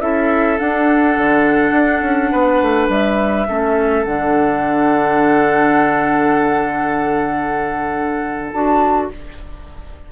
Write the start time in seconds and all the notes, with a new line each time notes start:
0.00 C#4 E4 A4 E5
0.58 D4 F#5
1.17 D3
1.71 D4
2.01 C#4
2.31 B3 B4
2.61 A3
2.89 G3 E5
3.47 A3 C#4 A4
4.04 D3 D4 F#5
8.52 D4 F#4 A5